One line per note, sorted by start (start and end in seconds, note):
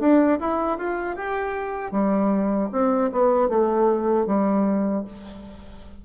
0.00 0.39 D4
0.40 0.78 E4
0.78 1.16 F4
1.16 1.92 G4
1.92 2.70 G3
2.72 3.11 C4
3.12 3.49 B3
3.49 4.27 A3
4.27 5.05 G3